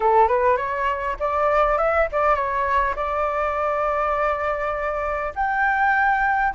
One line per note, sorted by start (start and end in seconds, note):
0.00 0.28 A4
0.28 0.56 B4
0.56 1.16 C#5
1.19 1.78 D5
1.78 2.07 E5
2.12 2.35 D5
2.35 2.94 C#5
2.95 5.33 D5
5.35 6.53 G5